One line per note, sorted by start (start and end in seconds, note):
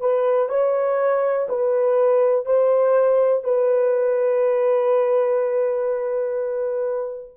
0.00 0.49 B4
0.49 1.47 C#5
1.48 2.45 B4
2.45 3.44 C5
3.44 7.37 B4